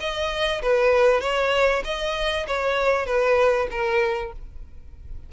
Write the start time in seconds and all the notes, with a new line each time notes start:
0.00 D#5
0.62 B4
1.21 C#5
1.84 D#5
2.47 C#5
3.06 B4
3.71 A#4